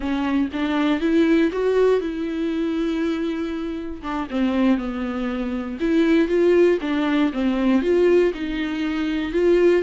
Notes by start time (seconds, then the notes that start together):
0.00 C#4
0.52 D4
1.00 E4
1.51 F#4
2.00 E4
4.02 D4
4.30 C4
4.77 B3
5.80 E4
6.28 F4
6.81 D4
7.32 C4
7.82 F4
8.34 D#4
9.32 F4